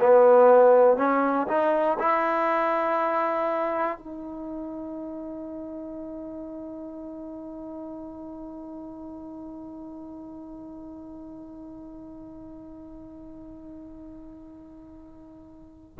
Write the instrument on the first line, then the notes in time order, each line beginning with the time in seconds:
trombone
0.00 B3
0.97 C#4
1.48 D#4
1.99 E4
3.98 D#4